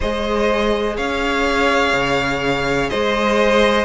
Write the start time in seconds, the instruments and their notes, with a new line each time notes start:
0.00 cello G#3, viola G#4, violin C5 D#5
0.97 cello C#4, violin C#5 F5
1.93 cello C#3
2.89 cello G#3, violin C5 D#5